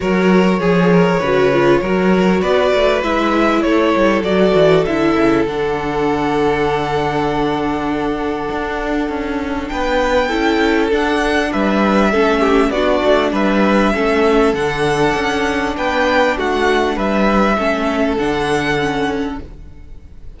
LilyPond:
<<
  \new Staff \with { instrumentName = "violin" } { \time 4/4 \tempo 4 = 99 cis''1 | d''4 e''4 cis''4 d''4 | e''4 fis''2.~ | fis''1 |
g''2 fis''4 e''4~ | e''4 d''4 e''2 | fis''2 g''4 fis''4 | e''2 fis''2 | }
  \new Staff \with { instrumentName = "violin" } { \time 4/4 ais'4 gis'8 ais'8 b'4 ais'4 | b'2 a'2~ | a'1~ | a'1 |
b'4 a'2 b'4 | a'8 g'8 fis'4 b'4 a'4~ | a'2 b'4 fis'4 | b'4 a'2. | }
  \new Staff \with { instrumentName = "viola" } { \time 4/4 fis'4 gis'4 fis'8 f'8 fis'4~ | fis'4 e'2 fis'4 | e'4 d'2.~ | d'1~ |
d'4 e'4 d'2 | cis'4 d'2 cis'4 | d'1~ | d'4 cis'4 d'4 cis'4 | }
  \new Staff \with { instrumentName = "cello" } { \time 4/4 fis4 f4 cis4 fis4 | b8 a8 gis4 a8 g8 fis8 e8 | d8 cis8 d2.~ | d2 d'4 cis'4 |
b4 cis'4 d'4 g4 | a4 b8 a8 g4 a4 | d4 cis'4 b4 a4 | g4 a4 d2 | }
>>